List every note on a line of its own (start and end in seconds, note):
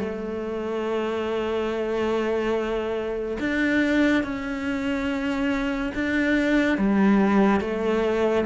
0.00 3.38 A3
3.40 4.24 D4
4.24 5.93 C#4
5.95 6.78 D4
6.78 7.61 G3
7.61 8.45 A3